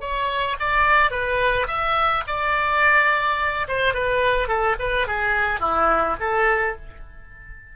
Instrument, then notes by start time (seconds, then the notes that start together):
oboe
0.00 C#5
0.59 D5
1.10 B4
1.67 E5
2.27 D5
3.68 C5
3.94 B4
4.48 A4
4.79 B4
5.07 G#4
5.60 E4
6.20 A4